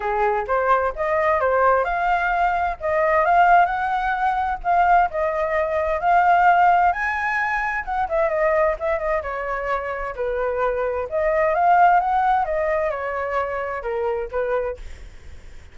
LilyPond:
\new Staff \with { instrumentName = "flute" } { \time 4/4 \tempo 4 = 130 gis'4 c''4 dis''4 c''4 | f''2 dis''4 f''4 | fis''2 f''4 dis''4~ | dis''4 f''2 gis''4~ |
gis''4 fis''8 e''8 dis''4 e''8 dis''8 | cis''2 b'2 | dis''4 f''4 fis''4 dis''4 | cis''2 ais'4 b'4 | }